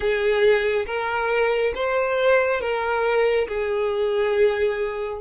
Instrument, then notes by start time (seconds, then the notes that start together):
violin
0.00 G#4
0.86 A#4
1.74 C5
2.60 A#4
3.47 G#4